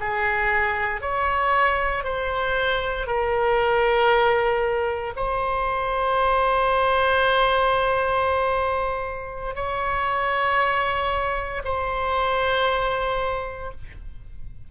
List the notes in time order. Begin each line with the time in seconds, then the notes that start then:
0.00 G#4
1.01 C#5
2.04 C5
3.07 A#4
5.16 C5
9.55 C#5
11.64 C5